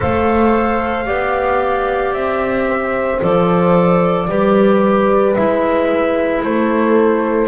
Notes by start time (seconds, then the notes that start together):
0.00 A3 A4 C5 F5
1.05 B3 G4 D5
2.13 C4 E5
2.68 C5
3.21 F3 A4 D5
4.28 G3 G4 B4
5.34 G#3 E4 E5
6.43 A3 A4 C5